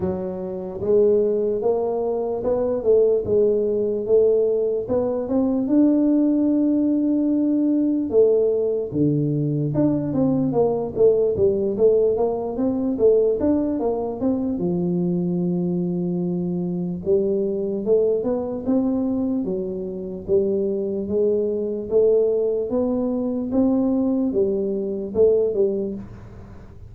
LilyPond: \new Staff \with { instrumentName = "tuba" } { \time 4/4 \tempo 4 = 74 fis4 gis4 ais4 b8 a8 | gis4 a4 b8 c'8 d'4~ | d'2 a4 d4 | d'8 c'8 ais8 a8 g8 a8 ais8 c'8 |
a8 d'8 ais8 c'8 f2~ | f4 g4 a8 b8 c'4 | fis4 g4 gis4 a4 | b4 c'4 g4 a8 g8 | }